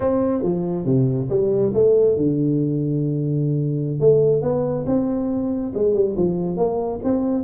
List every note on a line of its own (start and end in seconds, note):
0.00 0.42 C4
0.42 0.85 F3
0.85 1.28 C3
1.29 1.72 G3
1.74 2.16 A3
2.16 3.99 D3
3.99 4.41 A3
4.41 4.85 B3
4.86 5.72 C4
5.74 5.94 G#3
5.94 6.15 G3
6.16 6.57 F3
6.57 7.00 A#3
7.03 7.44 C4